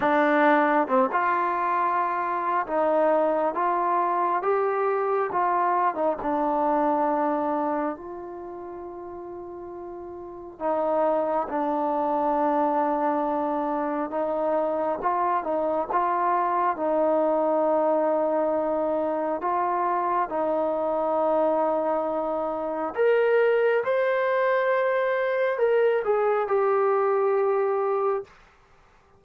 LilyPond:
\new Staff \with { instrumentName = "trombone" } { \time 4/4 \tempo 4 = 68 d'4 c'16 f'4.~ f'16 dis'4 | f'4 g'4 f'8. dis'16 d'4~ | d'4 f'2. | dis'4 d'2. |
dis'4 f'8 dis'8 f'4 dis'4~ | dis'2 f'4 dis'4~ | dis'2 ais'4 c''4~ | c''4 ais'8 gis'8 g'2 | }